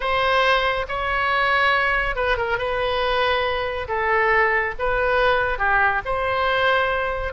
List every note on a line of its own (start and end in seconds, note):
0.00 0.86 C5
0.88 2.15 C#5
2.15 2.37 B4
2.37 2.58 A#4
2.58 3.87 B4
3.88 4.74 A4
4.78 5.58 B4
5.58 6.01 G4
6.05 7.33 C5